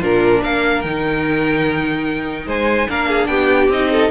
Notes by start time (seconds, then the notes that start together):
0.00 A#2 D4 F4 A#4
0.43 A#3 A#4 F5
0.82 D#3 D#4 G5
2.46 G#3 C5 G#5
2.89 A#3 D4 A#4 F5
3.09 G#4
3.27 B3 G4 G5
3.68 C4 D#4 D#5
3.92 A4